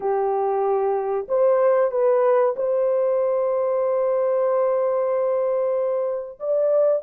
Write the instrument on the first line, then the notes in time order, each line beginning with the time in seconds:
horn
0.00 G4
1.28 C5
1.91 B4
2.56 C5
6.39 D5